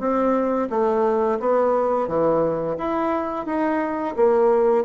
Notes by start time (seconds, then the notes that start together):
0.00 C4
0.70 A3
1.40 B3
2.08 E3
2.78 E4
3.46 D#4
4.16 A#3